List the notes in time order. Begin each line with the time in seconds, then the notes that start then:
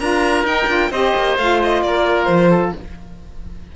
0.00 D4 F4 A#4 A#5
0.44 D#4 G5
0.67 D4 F4
0.91 C4 G4 C5 D#5
1.16 A#3
1.38 A3 F4 F5
1.63 D#5
1.82 A#3 A#4 D5
2.25 F3 C5
2.50 A4